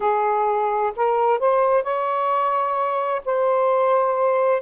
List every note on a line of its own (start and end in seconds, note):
0.00 0.92 G#4
0.96 1.39 A#4
1.39 1.83 C5
1.83 3.21 C#5
3.25 4.62 C5